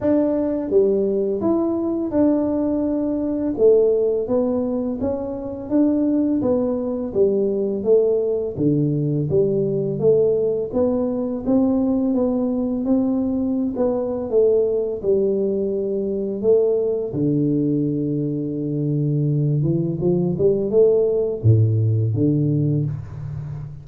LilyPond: \new Staff \with { instrumentName = "tuba" } { \time 4/4 \tempo 4 = 84 d'4 g4 e'4 d'4~ | d'4 a4 b4 cis'4 | d'4 b4 g4 a4 | d4 g4 a4 b4 |
c'4 b4 c'4~ c'16 b8. | a4 g2 a4 | d2.~ d8 e8 | f8 g8 a4 a,4 d4 | }